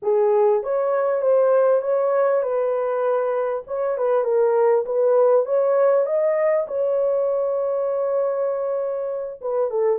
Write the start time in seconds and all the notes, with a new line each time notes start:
0.02 G#4
0.63 C#5
1.21 C5
1.81 C#5
2.42 B4
3.67 C#5
3.97 B4
4.24 A#4
4.85 B4
5.45 C#5
6.06 D#5
6.67 C#5
9.41 B4
9.70 A4